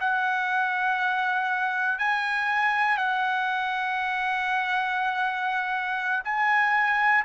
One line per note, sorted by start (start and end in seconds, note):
0.00 1.98 F#5
1.98 2.97 G#5
2.97 6.22 F#5
6.24 7.24 G#5